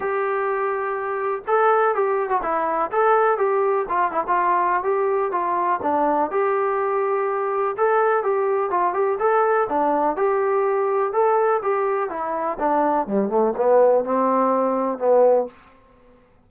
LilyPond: \new Staff \with { instrumentName = "trombone" } { \time 4/4 \tempo 4 = 124 g'2. a'4 | g'8. fis'16 e'4 a'4 g'4 | f'8 e'16 f'4~ f'16 g'4 f'4 | d'4 g'2. |
a'4 g'4 f'8 g'8 a'4 | d'4 g'2 a'4 | g'4 e'4 d'4 g8 a8 | b4 c'2 b4 | }